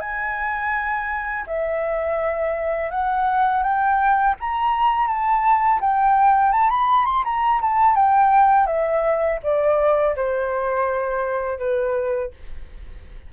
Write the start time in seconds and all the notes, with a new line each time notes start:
0.00 G#5
1.47 E5
2.91 F#5
3.63 G5
4.40 A#5
5.07 A5
5.80 G5
6.52 A5
6.70 B5
7.05 C6
7.24 A#5
7.61 A5
7.95 G5
8.66 E5
9.43 D5
10.16 C5
11.58 B4